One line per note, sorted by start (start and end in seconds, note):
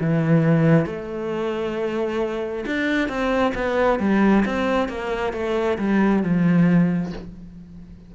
0.00 0.86 E3
0.86 2.65 A3
2.66 3.09 D4
3.09 3.53 C4
3.55 4.00 B3
4.00 4.45 G3
4.45 4.89 C4
4.89 5.33 A#3
5.33 5.78 A3
5.78 6.23 G3
6.23 7.13 F3